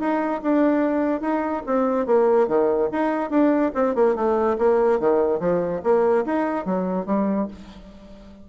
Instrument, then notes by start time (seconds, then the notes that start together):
bassoon
0.00 D#4
0.42 D4
1.21 D#4
1.66 C4
2.06 A#3
2.48 D#3
2.92 D#4
3.30 D4
3.75 C4
3.95 A#3
4.16 A3
4.58 A#3
5.00 D#3
5.40 F3
5.84 A#3
6.26 D#4
6.65 F#3
7.06 G3